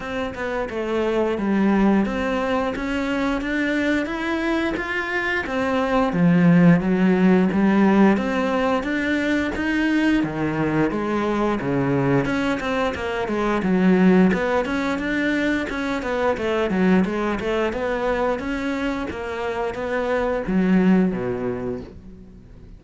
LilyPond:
\new Staff \with { instrumentName = "cello" } { \time 4/4 \tempo 4 = 88 c'8 b8 a4 g4 c'4 | cis'4 d'4 e'4 f'4 | c'4 f4 fis4 g4 | c'4 d'4 dis'4 dis4 |
gis4 cis4 cis'8 c'8 ais8 gis8 | fis4 b8 cis'8 d'4 cis'8 b8 | a8 fis8 gis8 a8 b4 cis'4 | ais4 b4 fis4 b,4 | }